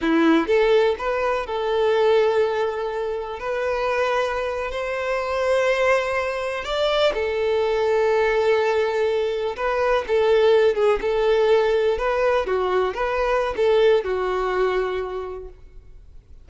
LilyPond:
\new Staff \with { instrumentName = "violin" } { \time 4/4 \tempo 4 = 124 e'4 a'4 b'4 a'4~ | a'2. b'4~ | b'4.~ b'16 c''2~ c''16~ | c''4.~ c''16 d''4 a'4~ a'16~ |
a'2.~ a'8. b'16~ | b'8. a'4. gis'8 a'4~ a'16~ | a'8. b'4 fis'4 b'4~ b'16 | a'4 fis'2. | }